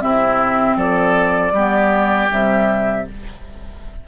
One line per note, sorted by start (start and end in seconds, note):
0.00 0.76 C3
0.00 1.52 C4
0.00 0.77 E4
0.00 0.77 E5
0.76 1.52 F3
0.76 1.53 A4
0.76 2.30 D5
1.52 2.28 G3
1.52 2.29 B3
1.52 3.06 G4
2.29 3.07 C3
2.29 3.05 G3
2.29 3.07 E5